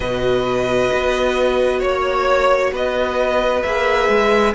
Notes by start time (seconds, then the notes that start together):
0.00 B2 F#4 B4 D#5
0.93 B3
1.79 A#3 C#5
2.72 B3 B4 D#5
3.62 A#3 G#4 E5
4.08 G#3